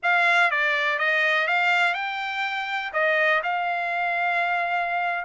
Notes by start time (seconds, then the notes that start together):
0.02 F5
0.51 D5
0.98 D#5
1.47 F5
1.94 G5
2.93 D#5
3.43 F5